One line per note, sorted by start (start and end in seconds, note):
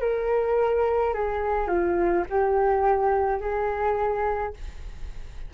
0.00 1.13 A#4
1.13 1.67 G#4
1.67 2.24 F4
2.29 3.40 G4
3.40 4.53 G#4